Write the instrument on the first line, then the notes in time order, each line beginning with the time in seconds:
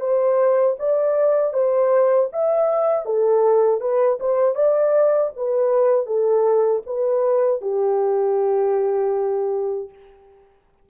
horn
0.00 C5
0.79 D5
1.53 C5
2.33 E5
3.05 A4
3.81 B4
4.20 C5
4.55 D5
5.36 B4
6.06 A4
6.86 B4
7.62 G4